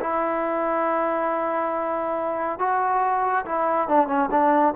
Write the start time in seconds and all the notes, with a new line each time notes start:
0.00 E4
2.59 F#4
3.45 E4
3.88 D4
4.07 C#4
4.31 D4